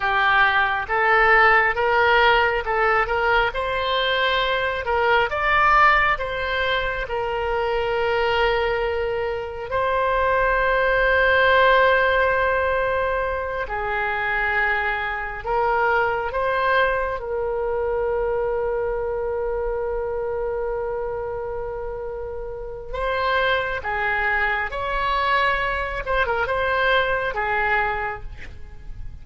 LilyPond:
\new Staff \with { instrumentName = "oboe" } { \time 4/4 \tempo 4 = 68 g'4 a'4 ais'4 a'8 ais'8 | c''4. ais'8 d''4 c''4 | ais'2. c''4~ | c''2.~ c''8 gis'8~ |
gis'4. ais'4 c''4 ais'8~ | ais'1~ | ais'2 c''4 gis'4 | cis''4. c''16 ais'16 c''4 gis'4 | }